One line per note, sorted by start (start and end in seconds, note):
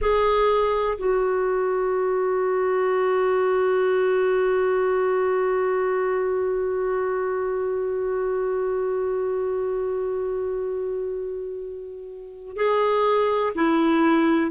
0.00 0.97 G#4
0.98 12.56 F#4
12.56 13.53 G#4
13.55 14.51 E4